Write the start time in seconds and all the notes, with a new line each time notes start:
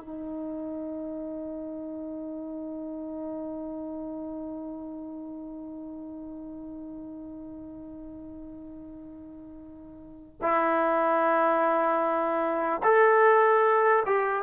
0.00 D#4
10.42 E4
12.83 A4
14.06 G4